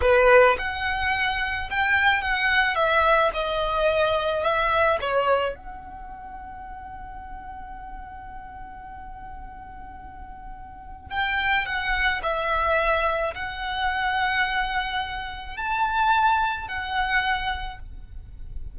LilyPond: \new Staff \with { instrumentName = "violin" } { \time 4/4 \tempo 4 = 108 b'4 fis''2 g''4 | fis''4 e''4 dis''2 | e''4 cis''4 fis''2~ | fis''1~ |
fis''1 | g''4 fis''4 e''2 | fis''1 | a''2 fis''2 | }